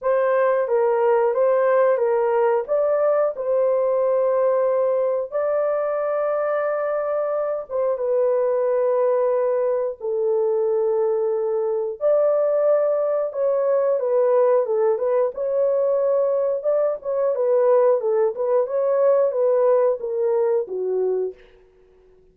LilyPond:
\new Staff \with { instrumentName = "horn" } { \time 4/4 \tempo 4 = 90 c''4 ais'4 c''4 ais'4 | d''4 c''2. | d''2.~ d''8 c''8 | b'2. a'4~ |
a'2 d''2 | cis''4 b'4 a'8 b'8 cis''4~ | cis''4 d''8 cis''8 b'4 a'8 b'8 | cis''4 b'4 ais'4 fis'4 | }